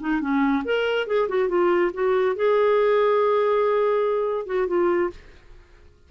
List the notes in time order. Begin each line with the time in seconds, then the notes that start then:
0.00 D#4
0.21 C#4
0.64 A#4
1.07 G#4
1.28 F#4
1.48 F4
1.93 F#4
2.35 G#4
4.46 F#4
4.67 F4